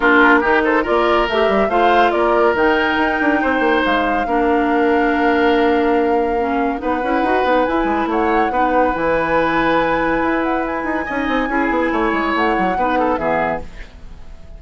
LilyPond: <<
  \new Staff \with { instrumentName = "flute" } { \time 4/4 \tempo 4 = 141 ais'4. c''8 d''4 e''4 | f''4 d''4 g''2~ | g''4 f''2.~ | f''1 |
fis''2 gis''4 fis''4~ | fis''4 gis''2.~ | gis''8 fis''8 gis''2.~ | gis''4 fis''2 e''4 | }
  \new Staff \with { instrumentName = "oboe" } { \time 4/4 f'4 g'8 a'8 ais'2 | c''4 ais'2. | c''2 ais'2~ | ais'1 |
b'2. cis''4 | b'1~ | b'2 dis''4 gis'4 | cis''2 b'8 a'8 gis'4 | }
  \new Staff \with { instrumentName = "clarinet" } { \time 4/4 d'4 dis'4 f'4 g'4 | f'2 dis'2~ | dis'2 d'2~ | d'2. cis'4 |
dis'8 e'8 fis'8 dis'8 e'2 | dis'4 e'2.~ | e'2 dis'4 e'4~ | e'2 dis'4 b4 | }
  \new Staff \with { instrumentName = "bassoon" } { \time 4/4 ais4 dis4 ais4 a8 g8 | a4 ais4 dis4 dis'8 d'8 | c'8 ais8 gis4 ais2~ | ais1 |
b8 cis'8 dis'8 b8 e'8 gis8 a4 | b4 e2. | e'4. dis'8 cis'8 c'8 cis'8 b8 | a8 gis8 a8 fis8 b4 e4 | }
>>